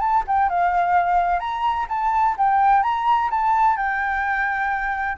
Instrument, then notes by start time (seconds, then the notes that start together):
flute
0.00 A5
0.27 G5
0.49 F5
1.39 A#5
1.89 A5
2.38 G5
2.83 A#5
3.30 A5
3.77 G5